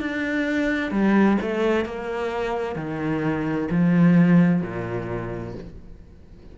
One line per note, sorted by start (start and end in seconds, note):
0.00 0.91 D4
0.91 1.38 G3
1.41 1.85 A3
1.85 2.76 A#3
2.76 3.68 D#3
3.71 4.62 F3
4.62 5.54 A#2